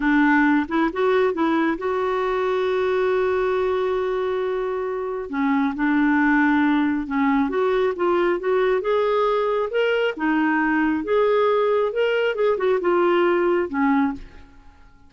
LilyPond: \new Staff \with { instrumentName = "clarinet" } { \time 4/4 \tempo 4 = 136 d'4. e'8 fis'4 e'4 | fis'1~ | fis'1 | cis'4 d'2. |
cis'4 fis'4 f'4 fis'4 | gis'2 ais'4 dis'4~ | dis'4 gis'2 ais'4 | gis'8 fis'8 f'2 cis'4 | }